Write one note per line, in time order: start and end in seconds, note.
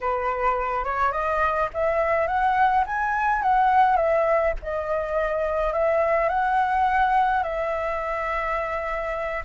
0.01 0.84 B4
0.84 1.11 C#5
1.11 1.69 D#5
1.73 2.27 E5
2.27 2.84 F#5
2.86 3.42 G#5
3.42 3.96 F#5
3.96 4.53 E5
4.62 5.73 D#5
5.73 6.29 E5
6.29 7.43 F#5
7.43 9.43 E5